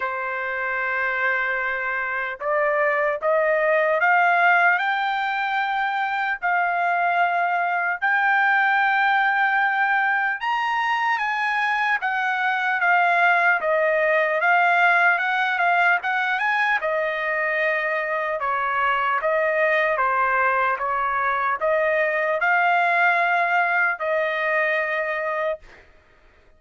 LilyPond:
\new Staff \with { instrumentName = "trumpet" } { \time 4/4 \tempo 4 = 75 c''2. d''4 | dis''4 f''4 g''2 | f''2 g''2~ | g''4 ais''4 gis''4 fis''4 |
f''4 dis''4 f''4 fis''8 f''8 | fis''8 gis''8 dis''2 cis''4 | dis''4 c''4 cis''4 dis''4 | f''2 dis''2 | }